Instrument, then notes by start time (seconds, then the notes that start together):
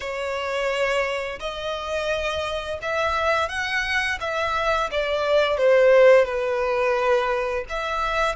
violin
0.00 C#5
1.40 D#5
2.82 E5
3.48 F#5
4.20 E5
4.91 D5
5.57 C5
6.25 B4
7.69 E5